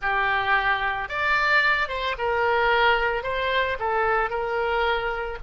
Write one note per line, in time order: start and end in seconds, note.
0.01 1.08 G4
1.08 1.88 D5
1.88 2.15 C5
2.18 3.23 A#4
3.23 3.77 C5
3.79 4.30 A4
4.30 5.38 A#4